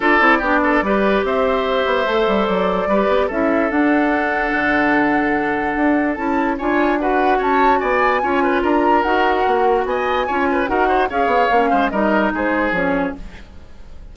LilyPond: <<
  \new Staff \with { instrumentName = "flute" } { \time 4/4 \tempo 4 = 146 d''2. e''4~ | e''2 d''2 | e''4 fis''2.~ | fis''2. a''4 |
gis''4 fis''4 a''4 gis''4~ | gis''4 ais''4 fis''2 | gis''2 fis''4 f''4~ | f''4 dis''4 c''4 cis''4 | }
  \new Staff \with { instrumentName = "oboe" } { \time 4/4 a'4 g'8 a'8 b'4 c''4~ | c''2. b'4 | a'1~ | a'1 |
cis''4 b'4 cis''4 d''4 | cis''8 b'8 ais'2. | dis''4 cis''8 b'8 ais'8 c''8 cis''4~ | cis''8 c''8 ais'4 gis'2 | }
  \new Staff \with { instrumentName = "clarinet" } { \time 4/4 f'8 e'8 d'4 g'2~ | g'4 a'2 g'4 | e'4 d'2.~ | d'2. e'4 |
f'4 fis'2. | f'2 fis'2~ | fis'4 f'4 fis'4 gis'4 | cis'4 dis'2 cis'4 | }
  \new Staff \with { instrumentName = "bassoon" } { \time 4/4 d'8 c'8 b4 g4 c'4~ | c'8 b8 a8 g8 fis4 g8 b8 | cis'4 d'2 d4~ | d2 d'4 cis'4 |
d'2 cis'4 b4 | cis'4 d'4 dis'4 ais4 | b4 cis'4 dis'4 cis'8 b8 | ais8 gis8 g4 gis4 f4 | }
>>